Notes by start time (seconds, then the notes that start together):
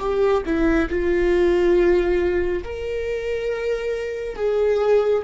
0.00 G4
0.46 E4
0.90 F4
2.64 A#4
4.36 G#4